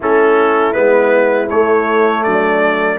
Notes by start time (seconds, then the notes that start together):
0.00 A3 C#4 E4 A4
0.72 G#3 B3 B4
1.49 A3 C#5
2.23 F#3 D4 D5